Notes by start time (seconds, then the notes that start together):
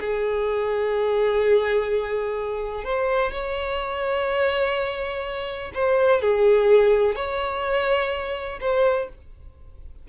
0.00 G#4
2.84 C5
3.32 C#5
5.74 C5
6.21 G#4
7.15 C#5
8.60 C5